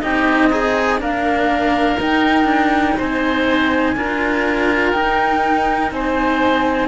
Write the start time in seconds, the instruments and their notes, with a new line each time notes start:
0.00 cello C4 D#4, oboe G4, flute D#5
0.50 oboe D#4, cello G#4
0.98 cello A#3 D4, oboe A#4, flute F5
2.00 cello D#4, flute G5
2.44 cello D4
2.98 cello C4, oboe C5, flute G#5
3.95 cello D4 F4, oboe A#4
4.92 cello D#4, flute G5
5.91 cello C4, oboe C5, flute G#5